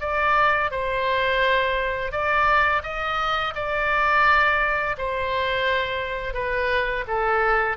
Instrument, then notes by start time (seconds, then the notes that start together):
oboe
0.00 D5
0.71 C5
2.11 D5
2.83 D#5
3.55 D5
4.97 C5
6.33 B4
7.07 A4